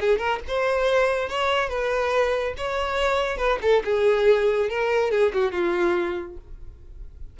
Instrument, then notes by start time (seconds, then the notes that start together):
violin
0.00 G#4
0.18 A#4
0.48 C5
1.29 C#5
1.69 B4
2.57 C#5
3.37 B4
3.62 A4
3.85 G#4
4.69 A#4
5.11 G#4
5.33 F#4
5.52 F4